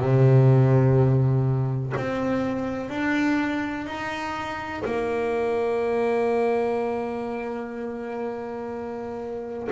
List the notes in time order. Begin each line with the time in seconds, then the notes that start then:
0.00 C3
1.97 C4
2.89 D4
3.86 D#4
4.85 A#3